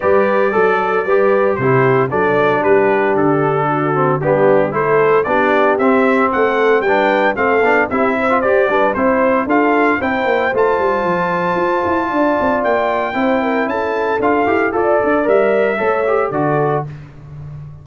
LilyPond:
<<
  \new Staff \with { instrumentName = "trumpet" } { \time 4/4 \tempo 4 = 114 d''2. c''4 | d''4 b'4 a'2 | g'4 c''4 d''4 e''4 | fis''4 g''4 f''4 e''4 |
d''4 c''4 f''4 g''4 | a''1 | g''2 a''4 f''4 | d''4 e''2 d''4 | }
  \new Staff \with { instrumentName = "horn" } { \time 4/4 b'4 a'4 b'4 g'4 | a'4 g'2 fis'4 | d'4 a'4 g'2 | a'4 b'4 a'4 g'8 c''8~ |
c''8 b'8 c''4 a'4 c''4~ | c''2. d''4~ | d''4 c''8 ais'8 a'2 | d''2 cis''4 a'4 | }
  \new Staff \with { instrumentName = "trombone" } { \time 4/4 g'4 a'4 g'4 e'4 | d'2.~ d'8 c'8 | b4 e'4 d'4 c'4~ | c'4 d'4 c'8 d'8 e'8. f'16 |
g'8 d'8 e'4 f'4 e'4 | f'1~ | f'4 e'2 f'8 g'8 | a'4 ais'4 a'8 g'8 fis'4 | }
  \new Staff \with { instrumentName = "tuba" } { \time 4/4 g4 fis4 g4 c4 | fis4 g4 d2 | g4 a4 b4 c'4 | a4 g4 a8 b8 c'4 |
g'8 g8 c'4 d'4 c'8 ais8 | a8 g8 f4 f'8 e'8 d'8 c'8 | ais4 c'4 cis'4 d'8 e'8 | f'8 d'8 g4 a4 d4 | }
>>